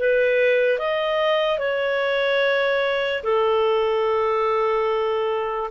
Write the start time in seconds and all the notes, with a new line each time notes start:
0.00 B4
0.79 D#5
1.59 C#5
3.24 A4